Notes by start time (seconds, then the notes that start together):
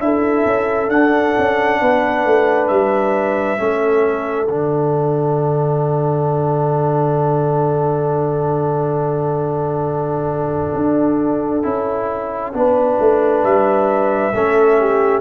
0.00 D4 E4 A4 E5
0.45 C#4
0.88 D4 F#5
1.38 C#4
1.81 B3 B4
2.26 A3
2.68 G3 E5
3.58 A3 C#4 A4
4.47 D3 D4 F#5
10.74 D4
11.63 C#4 E4
12.54 B3 D4 B4
12.99 A3
13.44 G3 E5
14.34 A3 C#4 A4
14.80 G4